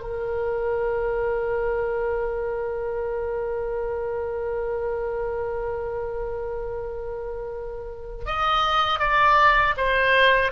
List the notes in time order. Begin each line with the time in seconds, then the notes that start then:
0.00 A#4
8.25 D#5
8.99 D5
9.76 C5